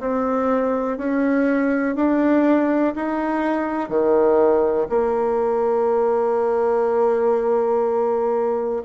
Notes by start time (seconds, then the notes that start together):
0.00 C4
0.98 C#4
1.95 D4
2.96 D#4
3.89 D#3
4.90 A#3